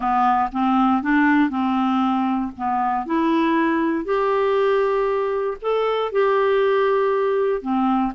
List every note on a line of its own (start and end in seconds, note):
0.00 0.49 B3
0.52 1.02 C4
1.02 1.49 D4
1.49 2.51 C4
2.57 3.06 B3
3.06 4.04 E4
4.04 5.57 G4
5.61 6.11 A4
6.11 7.61 G4
7.61 8.12 C4